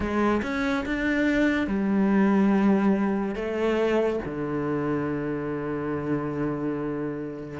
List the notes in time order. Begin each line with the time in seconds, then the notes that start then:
0.00 G#3
0.42 C#4
0.85 D4
1.67 G3
3.35 A3
4.25 D3